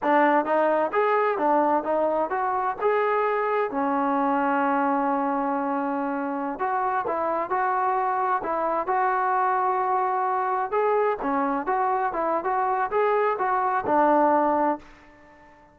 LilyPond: \new Staff \with { instrumentName = "trombone" } { \time 4/4 \tempo 4 = 130 d'4 dis'4 gis'4 d'4 | dis'4 fis'4 gis'2 | cis'1~ | cis'2~ cis'16 fis'4 e'8.~ |
e'16 fis'2 e'4 fis'8.~ | fis'2.~ fis'16 gis'8.~ | gis'16 cis'4 fis'4 e'8. fis'4 | gis'4 fis'4 d'2 | }